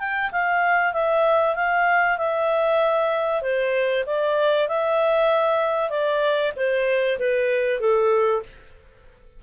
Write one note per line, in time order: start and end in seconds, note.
0.00 0.31 G5
0.32 0.93 F5
0.93 1.56 E5
1.56 2.18 F5
2.18 3.42 E5
3.42 4.05 C5
4.06 4.68 D5
4.68 5.90 E5
5.90 6.53 D5
6.57 7.19 C5
7.20 7.80 B4
7.80 8.43 A4